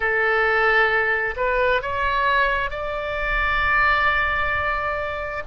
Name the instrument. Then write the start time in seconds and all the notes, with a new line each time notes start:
oboe
0.00 A4
1.36 B4
1.81 C#5
2.70 D5